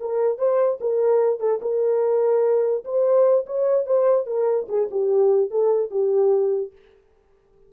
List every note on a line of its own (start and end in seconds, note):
0.00 0.38 A#4
0.38 0.79 C5
0.81 1.40 A#4
1.40 1.60 A4
1.62 2.84 A#4
2.84 3.46 C5
3.46 3.86 C#5
3.86 4.26 C5
4.26 4.67 A#4
4.69 4.89 G#4
4.91 5.50 G4
5.50 5.91 A4
5.91 6.72 G4